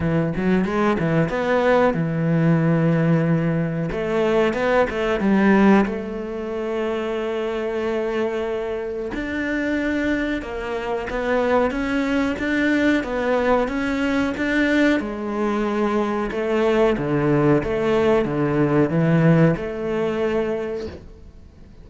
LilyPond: \new Staff \with { instrumentName = "cello" } { \time 4/4 \tempo 4 = 92 e8 fis8 gis8 e8 b4 e4~ | e2 a4 b8 a8 | g4 a2.~ | a2 d'2 |
ais4 b4 cis'4 d'4 | b4 cis'4 d'4 gis4~ | gis4 a4 d4 a4 | d4 e4 a2 | }